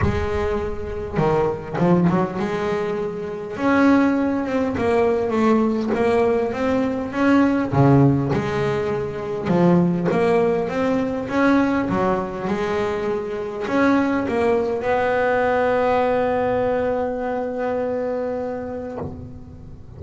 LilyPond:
\new Staff \with { instrumentName = "double bass" } { \time 4/4 \tempo 4 = 101 gis2 dis4 f8 fis8 | gis2 cis'4. c'8 | ais4 a4 ais4 c'4 | cis'4 cis4 gis2 |
f4 ais4 c'4 cis'4 | fis4 gis2 cis'4 | ais4 b2.~ | b1 | }